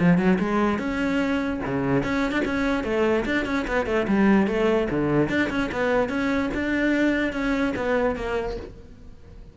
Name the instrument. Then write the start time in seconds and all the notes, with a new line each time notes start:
cello
0.00 F3
0.18 F#3
0.40 G#3
0.79 C#4
1.66 C#3
2.04 C#4
2.32 D4
2.46 C#4
2.84 A3
3.26 D4
3.46 C#4
3.68 B3
3.87 A3
4.08 G3
4.48 A3
4.91 D3
5.29 D4
5.50 C#4
5.72 B3
6.10 C#4
6.55 D4
7.33 C#4
7.77 B3
8.16 A#3